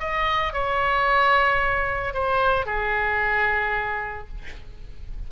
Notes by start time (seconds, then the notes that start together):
0.00 D#5
0.53 C#5
2.14 C5
2.66 G#4